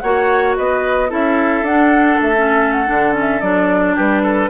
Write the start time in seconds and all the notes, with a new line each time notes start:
0.00 A#3 F#4 C#5 F#5
0.57 B3 B4 D#5
1.09 C#4 E4 A4 E5
1.62 D4 F#5
2.21 A3 E5
2.37 C#4
2.73 F#5
2.87 D3 D4
3.13 C#4
3.20 E5
3.41 F#3 D4 D5
3.95 G3 G4 B4
4.23 A4